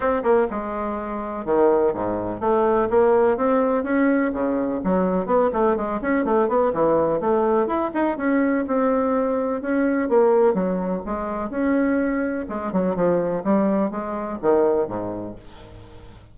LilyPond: \new Staff \with { instrumentName = "bassoon" } { \time 4/4 \tempo 4 = 125 c'8 ais8 gis2 dis4 | gis,4 a4 ais4 c'4 | cis'4 cis4 fis4 b8 a8 | gis8 cis'8 a8 b8 e4 a4 |
e'8 dis'8 cis'4 c'2 | cis'4 ais4 fis4 gis4 | cis'2 gis8 fis8 f4 | g4 gis4 dis4 gis,4 | }